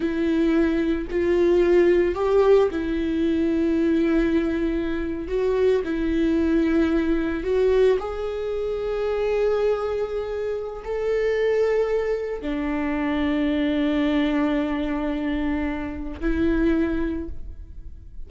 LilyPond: \new Staff \with { instrumentName = "viola" } { \time 4/4 \tempo 4 = 111 e'2 f'2 | g'4 e'2.~ | e'4.~ e'16 fis'4 e'4~ e'16~ | e'4.~ e'16 fis'4 gis'4~ gis'16~ |
gis'1 | a'2. d'4~ | d'1~ | d'2 e'2 | }